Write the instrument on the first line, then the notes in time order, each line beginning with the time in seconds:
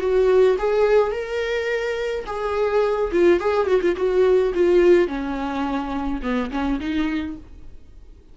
viola
0.00 F#4
0.58 G#4
1.12 A#4
2.26 G#4
3.12 F4
3.40 G#4
3.67 F#4
3.81 F4
3.96 F#4
4.54 F4
5.08 C#4
6.22 B3
6.51 C#4
6.80 D#4